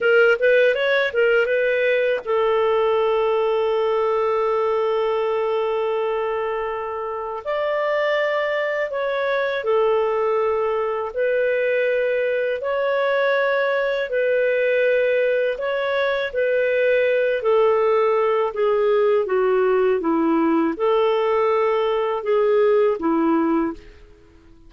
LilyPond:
\new Staff \with { instrumentName = "clarinet" } { \time 4/4 \tempo 4 = 81 ais'8 b'8 cis''8 ais'8 b'4 a'4~ | a'1~ | a'2 d''2 | cis''4 a'2 b'4~ |
b'4 cis''2 b'4~ | b'4 cis''4 b'4. a'8~ | a'4 gis'4 fis'4 e'4 | a'2 gis'4 e'4 | }